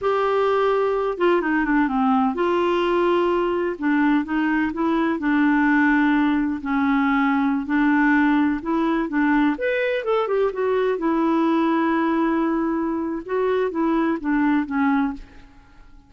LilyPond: \new Staff \with { instrumentName = "clarinet" } { \time 4/4 \tempo 4 = 127 g'2~ g'8 f'8 dis'8 d'8 | c'4 f'2. | d'4 dis'4 e'4 d'4~ | d'2 cis'2~ |
cis'16 d'2 e'4 d'8.~ | d'16 b'4 a'8 g'8 fis'4 e'8.~ | e'1 | fis'4 e'4 d'4 cis'4 | }